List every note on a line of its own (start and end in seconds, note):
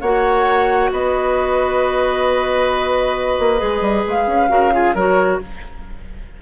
0.00 0.91 A#3
0.00 3.57 F#4
0.00 0.90 C#5
0.00 0.90 F#5
0.92 3.38 B3
0.92 4.50 B4
0.92 4.06 D#5
3.39 3.61 A#3
3.57 3.81 G#3
3.57 4.47 G#4
3.81 4.03 G3
4.07 4.27 G#3
4.07 4.95 F5
4.27 4.49 C#4
4.48 4.94 C#3
4.48 4.71 F#4
4.48 4.73 A#4
4.72 4.94 F4
4.72 4.95 G#4
4.94 5.39 F#3
4.94 5.41 F#4
4.94 5.39 A#4
4.94 5.40 C#5